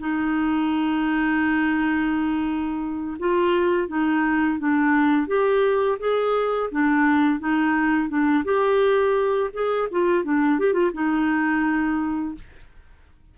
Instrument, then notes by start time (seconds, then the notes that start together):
clarinet
0.00 D#4
3.20 F4
3.89 D#4
4.59 D4
5.28 G4
6.00 G#4
6.72 D4
7.40 D#4
8.09 D4
8.45 G4
9.54 G#4
9.92 F4
10.24 D4
10.60 G4
10.74 F4
10.94 D#4